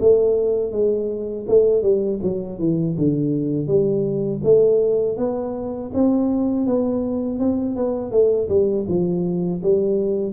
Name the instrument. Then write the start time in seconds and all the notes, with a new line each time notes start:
tuba
0.00 A3
0.72 G#3
1.48 A3
1.82 G3
2.23 F#3
2.59 E3
2.98 D3
3.68 G3
4.44 A3
5.18 B3
5.94 C4
6.67 B3
7.39 C4
7.76 B3
8.11 A3
8.49 G3
8.88 F3
9.63 G3